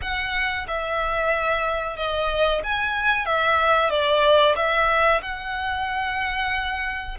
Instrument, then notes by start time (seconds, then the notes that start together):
violin
0.01 F#5
0.67 E5
1.96 D#5
2.63 G#5
3.25 E5
3.90 D5
4.56 E5
5.22 F#5